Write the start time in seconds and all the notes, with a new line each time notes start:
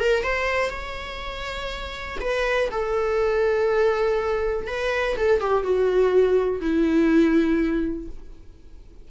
0.00 A#4
0.23 C5
0.70 C#5
2.20 B4
2.71 A4
4.67 B4
5.17 A4
5.41 G4
5.63 F#4
6.61 E4